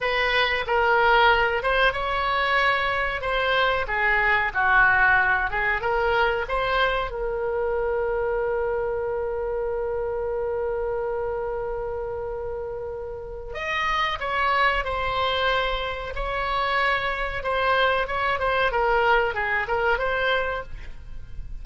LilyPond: \new Staff \with { instrumentName = "oboe" } { \time 4/4 \tempo 4 = 93 b'4 ais'4. c''8 cis''4~ | cis''4 c''4 gis'4 fis'4~ | fis'8 gis'8 ais'4 c''4 ais'4~ | ais'1~ |
ais'1~ | ais'4 dis''4 cis''4 c''4~ | c''4 cis''2 c''4 | cis''8 c''8 ais'4 gis'8 ais'8 c''4 | }